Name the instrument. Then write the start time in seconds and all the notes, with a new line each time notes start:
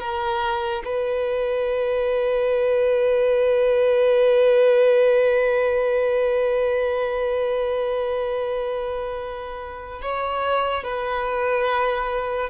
violin
0.00 A#4
0.85 B4
10.02 C#5
10.84 B4